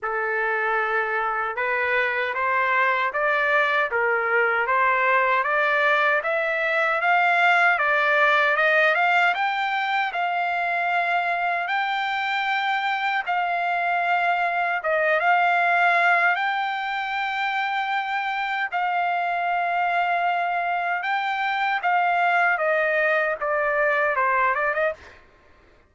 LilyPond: \new Staff \with { instrumentName = "trumpet" } { \time 4/4 \tempo 4 = 77 a'2 b'4 c''4 | d''4 ais'4 c''4 d''4 | e''4 f''4 d''4 dis''8 f''8 | g''4 f''2 g''4~ |
g''4 f''2 dis''8 f''8~ | f''4 g''2. | f''2. g''4 | f''4 dis''4 d''4 c''8 d''16 dis''16 | }